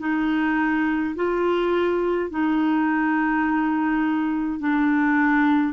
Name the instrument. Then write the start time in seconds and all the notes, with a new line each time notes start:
clarinet
0.00 D#4
1.16 F4
2.31 D#4
4.60 D4